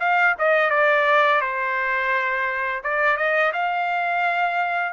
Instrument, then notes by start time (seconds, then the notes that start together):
trumpet
0.00 F5
0.39 D#5
0.71 D5
1.41 C5
2.84 D5
3.17 D#5
3.53 F5